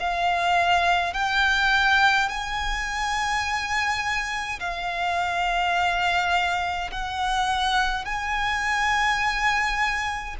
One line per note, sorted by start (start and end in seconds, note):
0.00 1.14 F5
1.14 2.29 G5
2.29 4.59 G#5
4.60 6.91 F5
6.92 8.05 F#5
8.05 10.36 G#5